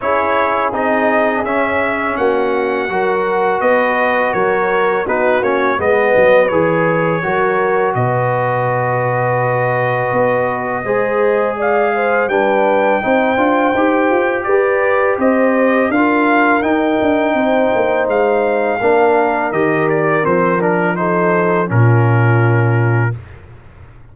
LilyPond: <<
  \new Staff \with { instrumentName = "trumpet" } { \time 4/4 \tempo 4 = 83 cis''4 dis''4 e''4 fis''4~ | fis''4 dis''4 cis''4 b'8 cis''8 | dis''4 cis''2 dis''4~ | dis''1 |
f''4 g''2. | d''4 dis''4 f''4 g''4~ | g''4 f''2 dis''8 d''8 | c''8 ais'8 c''4 ais'2 | }
  \new Staff \with { instrumentName = "horn" } { \time 4/4 gis'2. fis'4 | ais'4 b'4 ais'4 fis'4 | b'2 ais'4 b'4~ | b'2. c''4 |
d''8 c''8 b'4 c''2 | b'4 c''4 ais'2 | c''2 ais'2~ | ais'4 a'4 f'2 | }
  \new Staff \with { instrumentName = "trombone" } { \time 4/4 e'4 dis'4 cis'2 | fis'2. dis'8 cis'8 | b4 gis'4 fis'2~ | fis'2. gis'4~ |
gis'4 d'4 dis'8 f'8 g'4~ | g'2 f'4 dis'4~ | dis'2 d'4 g'4 | c'8 d'8 dis'4 cis'2 | }
  \new Staff \with { instrumentName = "tuba" } { \time 4/4 cis'4 c'4 cis'4 ais4 | fis4 b4 fis4 b8 ais8 | gis8 fis8 e4 fis4 b,4~ | b,2 b4 gis4~ |
gis4 g4 c'8 d'8 dis'8 f'8 | g'4 c'4 d'4 dis'8 d'8 | c'8 ais8 gis4 ais4 dis4 | f2 ais,2 | }
>>